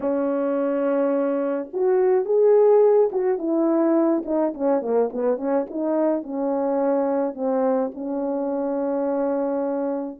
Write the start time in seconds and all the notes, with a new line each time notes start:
0.00 C#4
1.73 F#4
2.25 G#4
3.11 F#4
3.38 E4
4.25 D#4
4.54 C#4
4.81 A#3
5.13 B3
5.37 C#4
5.69 D#4
6.22 C#4
7.34 C4
7.94 C#4